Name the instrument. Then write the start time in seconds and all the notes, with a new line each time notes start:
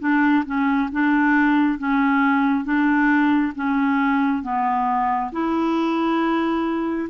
clarinet
0.00 D4
0.46 C#4
0.92 D4
1.78 C#4
2.65 D4
3.55 C#4
4.43 B3
5.32 E4